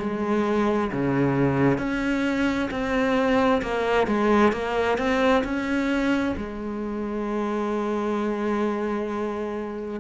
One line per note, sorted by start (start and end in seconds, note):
0.00 0.91 G#3
0.93 1.79 C#3
1.79 2.69 C#4
2.71 3.62 C4
3.62 4.07 A#3
4.07 4.53 G#3
4.53 4.98 A#3
4.98 5.44 C4
5.44 6.35 C#4
6.37 10.00 G#3